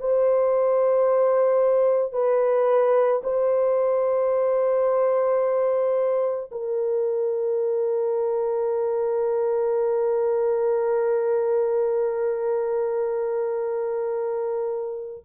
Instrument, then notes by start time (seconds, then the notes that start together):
horn
0.00 C5
2.13 B4
3.23 C5
6.52 A#4